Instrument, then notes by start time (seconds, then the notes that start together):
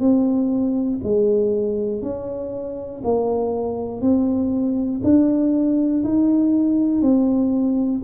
tuba
0.00 C4
1.03 G#3
2.02 C#4
3.04 A#3
4.01 C4
5.03 D4
6.04 D#4
7.02 C4